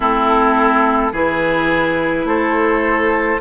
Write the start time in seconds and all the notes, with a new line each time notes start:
0.00 A3 C4 E4 A4
1.12 E3 E4 G#4 B4
2.24 A3 A4 C5